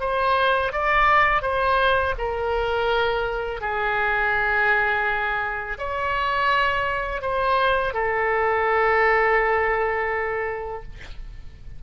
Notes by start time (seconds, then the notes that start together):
0.00 C5
0.72 D5
1.42 C5
2.18 A#4
3.61 G#4
5.79 C#5
7.22 C5
7.94 A4